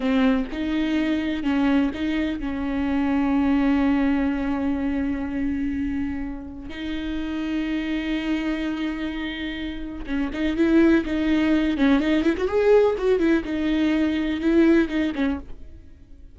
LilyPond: \new Staff \with { instrumentName = "viola" } { \time 4/4 \tempo 4 = 125 c'4 dis'2 cis'4 | dis'4 cis'2.~ | cis'1~ | cis'2 dis'2~ |
dis'1~ | dis'4 cis'8 dis'8 e'4 dis'4~ | dis'8 cis'8 dis'8 e'16 fis'16 gis'4 fis'8 e'8 | dis'2 e'4 dis'8 cis'8 | }